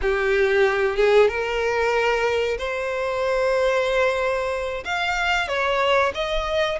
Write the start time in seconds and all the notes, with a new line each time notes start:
0.01 G4
0.96 G#4
1.28 A#4
2.58 C5
4.84 F5
5.48 C#5
6.14 D#5